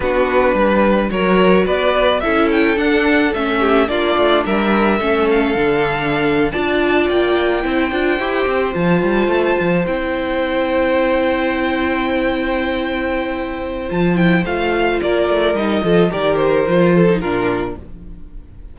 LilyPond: <<
  \new Staff \with { instrumentName = "violin" } { \time 4/4 \tempo 4 = 108 b'2 cis''4 d''4 | e''8 g''8 fis''4 e''4 d''4 | e''4. f''2~ f''16 a''16~ | a''8. g''2. a''16~ |
a''4.~ a''16 g''2~ g''16~ | g''1~ | g''4 a''8 g''8 f''4 d''4 | dis''4 d''8 c''4. ais'4 | }
  \new Staff \with { instrumentName = "violin" } { \time 4/4 fis'4 b'4 ais'4 b'4 | a'2~ a'8 g'8 f'4 | ais'4 a'2~ a'8. d''16~ | d''4.~ d''16 c''2~ c''16~ |
c''1~ | c''1~ | c''2. ais'4~ | ais'8 a'8 ais'4. a'8 f'4 | }
  \new Staff \with { instrumentName = "viola" } { \time 4/4 d'2 fis'2 | e'4 d'4 cis'4 d'4~ | d'4 cis'4 d'4.~ d'16 f'16~ | f'4.~ f'16 e'8 f'8 g'4 f'16~ |
f'4.~ f'16 e'2~ e'16~ | e'1~ | e'4 f'8 e'8 f'2 | dis'8 f'8 g'4 f'8. dis'16 d'4 | }
  \new Staff \with { instrumentName = "cello" } { \time 4/4 b4 g4 fis4 b4 | cis'4 d'4 a4 ais8 a8 | g4 a4 d4.~ d16 d'16~ | d'8. ais4 c'8 d'8 e'8 c'8 f16~ |
f16 g8 a8 f8 c'2~ c'16~ | c'1~ | c'4 f4 a4 ais8 a8 | g8 f8 dis4 f4 ais,4 | }
>>